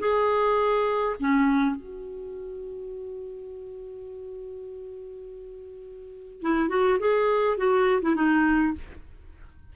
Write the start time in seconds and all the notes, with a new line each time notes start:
0.00 G#4
1.20 C#4
1.76 F#4
6.42 E4
6.69 F#4
7.00 G#4
7.58 F#4
8.02 E4
8.16 D#4